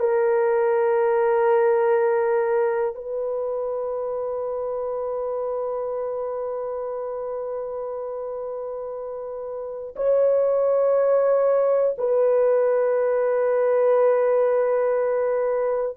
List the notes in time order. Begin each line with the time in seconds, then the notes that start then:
0.00 A#4
2.95 B4
9.96 C#5
11.98 B4